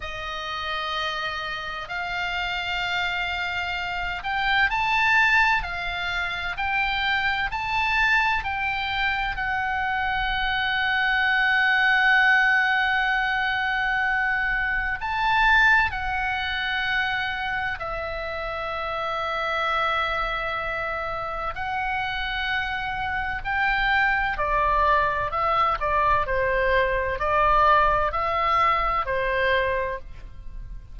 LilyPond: \new Staff \with { instrumentName = "oboe" } { \time 4/4 \tempo 4 = 64 dis''2 f''2~ | f''8 g''8 a''4 f''4 g''4 | a''4 g''4 fis''2~ | fis''1 |
a''4 fis''2 e''4~ | e''2. fis''4~ | fis''4 g''4 d''4 e''8 d''8 | c''4 d''4 e''4 c''4 | }